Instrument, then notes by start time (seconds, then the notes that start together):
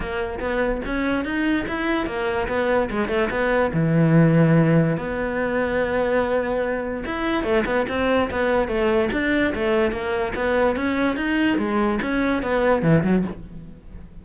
cello
0.00 A#3
0.39 B3
0.85 C#4
1.24 D#4
1.68 E4
2.06 A#3
2.47 B3
2.90 G#3
3.08 A3
3.30 B3
3.73 E3
4.97 B3
7.05 E4
7.43 A3
7.65 B3
7.88 C4
8.30 B3
8.68 A3
9.12 D4
9.54 A3
9.91 A#3
10.35 B3
10.76 C#4
11.16 D#4
11.58 G#3
12.02 C#4
12.42 B3
12.82 E3
13.03 F#3